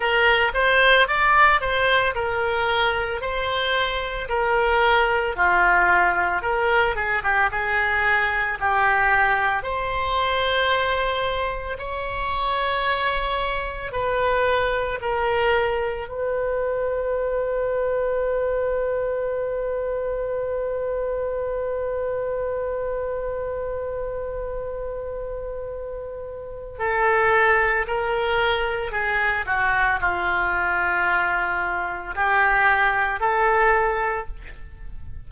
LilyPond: \new Staff \with { instrumentName = "oboe" } { \time 4/4 \tempo 4 = 56 ais'8 c''8 d''8 c''8 ais'4 c''4 | ais'4 f'4 ais'8 gis'16 g'16 gis'4 | g'4 c''2 cis''4~ | cis''4 b'4 ais'4 b'4~ |
b'1~ | b'1~ | b'4 a'4 ais'4 gis'8 fis'8 | f'2 g'4 a'4 | }